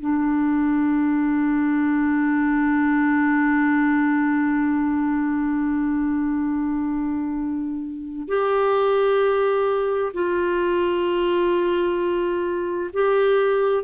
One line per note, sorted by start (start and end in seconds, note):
0.00 8.28 D4
8.28 10.12 G4
10.13 12.90 F4
12.93 13.84 G4